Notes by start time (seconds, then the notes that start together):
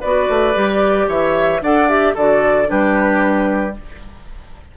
0.00 B3 F#4 B4 D5
0.28 A3
0.54 G3 G4
1.08 E3 C#5 E5
1.61 D4 A4 D5 F#5
1.88 G4 E5
2.14 D3 F#4 A4 D5
2.65 G3 D4 G4 B4